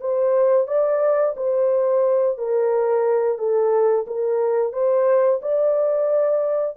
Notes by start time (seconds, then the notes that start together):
0.00 C5
0.67 D5
1.36 C5
2.37 A#4
3.38 A4
4.07 A#4
4.73 C5
5.41 D5